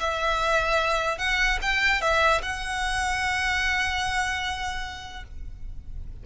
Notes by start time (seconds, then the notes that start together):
0.00 E5
1.19 F#5
1.62 G5
2.02 E5
2.42 F#5